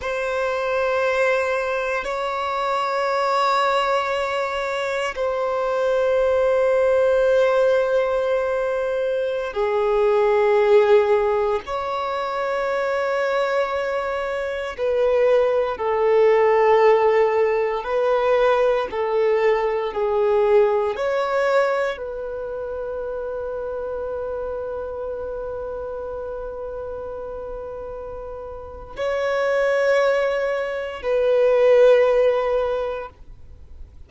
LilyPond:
\new Staff \with { instrumentName = "violin" } { \time 4/4 \tempo 4 = 58 c''2 cis''2~ | cis''4 c''2.~ | c''4~ c''16 gis'2 cis''8.~ | cis''2~ cis''16 b'4 a'8.~ |
a'4~ a'16 b'4 a'4 gis'8.~ | gis'16 cis''4 b'2~ b'8.~ | b'1 | cis''2 b'2 | }